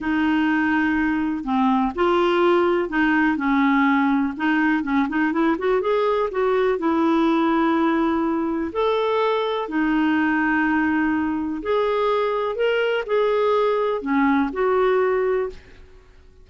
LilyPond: \new Staff \with { instrumentName = "clarinet" } { \time 4/4 \tempo 4 = 124 dis'2. c'4 | f'2 dis'4 cis'4~ | cis'4 dis'4 cis'8 dis'8 e'8 fis'8 | gis'4 fis'4 e'2~ |
e'2 a'2 | dis'1 | gis'2 ais'4 gis'4~ | gis'4 cis'4 fis'2 | }